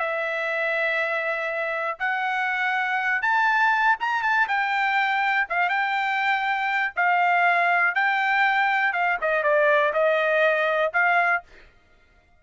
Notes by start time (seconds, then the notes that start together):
0.00 E5
1.99 F#5
3.23 A5
4.00 A#5
4.23 A5
4.49 G5
5.50 F5
5.70 G5
6.96 F5
7.95 G5
8.93 F5
9.22 D#5
9.44 D5
9.94 D#5
10.94 F5